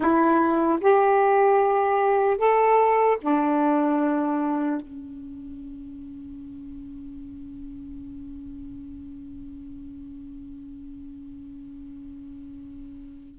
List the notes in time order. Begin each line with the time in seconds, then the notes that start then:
0.00 E4
0.80 G4
2.37 A4
3.21 D4
4.81 C#4